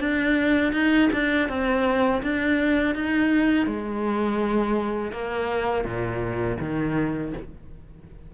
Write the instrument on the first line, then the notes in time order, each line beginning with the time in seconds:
cello
0.00 D4
0.73 D#4
1.13 D4
1.49 C4
2.23 D4
2.95 D#4
3.67 G#3
5.12 A#3
5.85 A#2
6.60 D#3